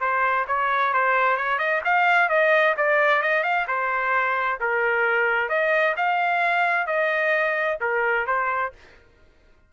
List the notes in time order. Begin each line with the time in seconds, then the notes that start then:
0.00 C5
0.47 C#5
0.94 C5
1.37 C#5
1.59 D#5
1.84 F5
2.29 D#5
2.77 D5
3.22 D#5
3.43 F5
3.67 C5
4.60 A#4
5.49 D#5
5.97 F5
6.87 D#5
7.81 A#4
8.27 C5